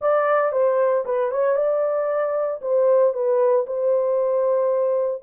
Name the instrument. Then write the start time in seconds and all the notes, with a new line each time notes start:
horn
0.01 D5
0.52 C5
1.05 B4
1.31 C#5
1.56 D5
2.61 C5
3.13 B4
3.66 C5